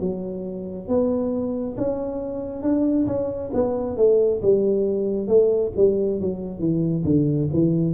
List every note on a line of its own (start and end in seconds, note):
0.00 0.88 F#3
0.88 1.76 B3
1.77 2.62 C#4
2.62 3.06 D4
3.07 3.51 C#4
3.54 3.97 B3
3.97 4.41 A3
4.42 5.28 G3
5.28 5.72 A3
5.77 6.20 G3
6.20 6.60 F#3
6.60 7.03 E3
7.05 7.49 D3
7.54 7.94 E3